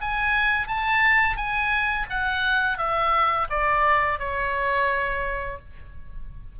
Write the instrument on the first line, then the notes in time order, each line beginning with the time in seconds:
oboe
0.00 G#5
0.67 A5
1.36 G#5
2.09 F#5
2.77 E5
3.49 D5
4.19 C#5